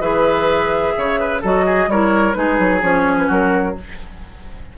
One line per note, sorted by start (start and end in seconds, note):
0.00 0.93 E3
0.00 1.41 G#4
0.00 0.93 B4
0.00 1.41 E5
0.97 1.43 C#3
0.97 1.20 C#5
1.20 1.41 B4
1.41 1.87 F#3
1.41 1.90 F#4
1.41 1.65 A4
1.41 1.90 D#5
1.66 1.89 G#4
1.87 2.34 G3
1.87 2.33 E4
1.87 2.37 A#4
1.87 2.33 C#5
2.33 2.59 G#3
2.33 2.80 D#4
2.33 3.27 G#4
2.33 2.80 B4
2.59 2.82 F#3
2.82 3.28 F3
2.82 3.75 C#4
2.82 3.17 C#5
3.18 3.30 B4
3.27 3.76 F#3
3.27 3.73 F#4
3.27 3.77 A#4